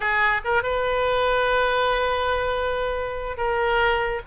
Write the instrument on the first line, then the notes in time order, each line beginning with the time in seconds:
oboe
0.00 G#4
0.44 A#4
0.63 B4
3.37 A#4